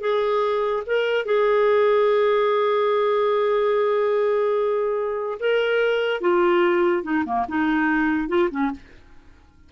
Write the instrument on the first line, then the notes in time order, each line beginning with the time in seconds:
clarinet
0.00 G#4
0.86 A#4
1.25 G#4
5.39 A#4
6.20 F4
7.03 D#4
7.25 A#3
7.48 D#4
8.28 F4
8.50 C#4